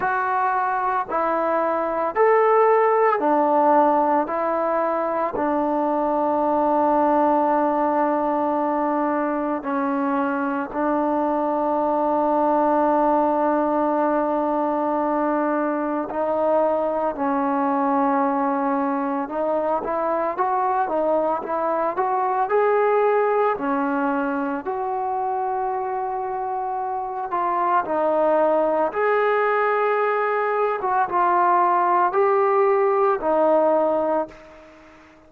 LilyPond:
\new Staff \with { instrumentName = "trombone" } { \time 4/4 \tempo 4 = 56 fis'4 e'4 a'4 d'4 | e'4 d'2.~ | d'4 cis'4 d'2~ | d'2. dis'4 |
cis'2 dis'8 e'8 fis'8 dis'8 | e'8 fis'8 gis'4 cis'4 fis'4~ | fis'4. f'8 dis'4 gis'4~ | gis'8. fis'16 f'4 g'4 dis'4 | }